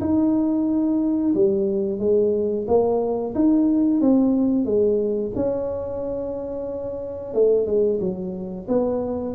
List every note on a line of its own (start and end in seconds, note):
0.00 1.33 D#4
1.35 1.99 G3
1.99 2.66 G#3
2.67 3.34 A#3
3.35 4.01 D#4
4.01 4.65 C4
4.65 5.32 G#3
5.35 7.34 C#4
7.34 7.66 A3
7.66 7.99 G#3
8.00 8.67 F#3
8.68 9.35 B3